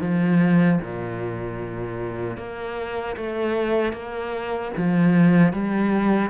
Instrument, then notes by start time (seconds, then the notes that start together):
cello
0.00 F3
0.81 A#2
2.37 A#3
3.16 A3
3.93 A#3
4.77 F3
5.53 G3